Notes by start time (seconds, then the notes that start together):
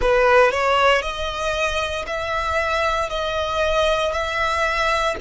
0.00 B4
0.51 C#5
1.02 D#5
2.06 E5
3.09 D#5
4.12 E5